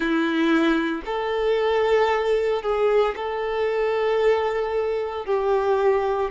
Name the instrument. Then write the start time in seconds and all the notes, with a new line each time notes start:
violin
0.00 E4
1.05 A4
2.62 G#4
3.16 A4
5.25 G4